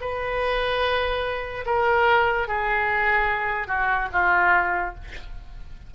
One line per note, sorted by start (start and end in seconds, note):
0.00 1.64 B4
1.66 2.47 A#4
2.47 3.67 G#4
3.67 4.08 F#4
4.12 4.94 F4